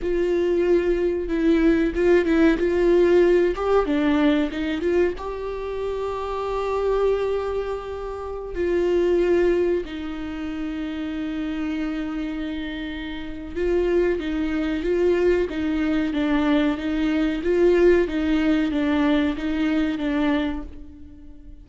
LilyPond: \new Staff \with { instrumentName = "viola" } { \time 4/4 \tempo 4 = 93 f'2 e'4 f'8 e'8 | f'4. g'8 d'4 dis'8 f'8 | g'1~ | g'4~ g'16 f'2 dis'8.~ |
dis'1~ | dis'4 f'4 dis'4 f'4 | dis'4 d'4 dis'4 f'4 | dis'4 d'4 dis'4 d'4 | }